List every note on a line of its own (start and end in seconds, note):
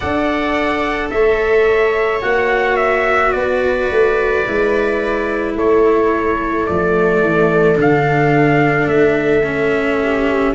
0.00 1.11 D4
0.00 2.21 A4
0.00 1.09 D5
0.00 1.09 F#5
1.10 2.22 A3
1.10 3.34 C#5
1.10 2.21 E5
2.21 3.34 A#3
2.21 4.43 F#4
2.21 2.76 F#5
2.76 3.32 E5
3.32 3.90 B3
3.32 5.56 B4
3.32 5.54 D5
3.90 4.46 A3
4.46 5.55 G#3
4.46 6.67 E4
5.55 6.66 A3
5.55 10.02 A4
5.55 6.66 C#5
6.66 7.21 F3
6.66 7.75 A3
6.66 7.77 D5
7.21 7.77 E3
7.75 8.86 D3
7.75 9.41 D4
7.81 8.87 F5
8.86 10.53 A3
8.86 10.54 E5
9.43 10.54 C#4
10.02 10.54 G4